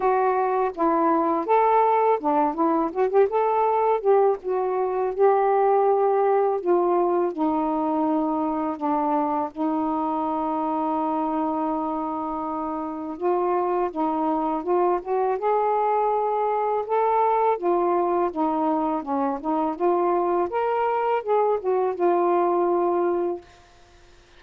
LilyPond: \new Staff \with { instrumentName = "saxophone" } { \time 4/4 \tempo 4 = 82 fis'4 e'4 a'4 d'8 e'8 | fis'16 g'16 a'4 g'8 fis'4 g'4~ | g'4 f'4 dis'2 | d'4 dis'2.~ |
dis'2 f'4 dis'4 | f'8 fis'8 gis'2 a'4 | f'4 dis'4 cis'8 dis'8 f'4 | ais'4 gis'8 fis'8 f'2 | }